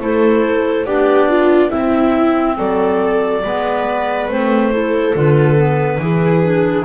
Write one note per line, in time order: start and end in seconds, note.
0.00 0.86 A3
0.00 0.86 E4
0.00 0.86 A4
0.00 0.86 C5
0.86 1.72 B3
0.86 1.71 D4
0.86 1.29 G4
0.86 1.71 D5
1.29 1.71 F4
1.71 3.42 C4
1.71 2.59 C4
1.71 2.56 E4
1.71 2.56 E5
2.58 3.44 F#3
2.58 3.44 A4
2.58 4.30 D5
3.44 4.29 G#3
3.44 4.30 B3
3.44 4.72 B4
4.29 5.14 A3
4.29 4.72 C4
4.29 5.16 C5
4.72 5.15 E4
4.72 6.01 A4
5.15 5.99 D3
5.15 5.57 F4
5.15 6.86 B4
5.57 6.00 B3
5.99 6.85 E3
5.99 6.43 E4
5.99 6.86 G#4
6.43 6.86 D4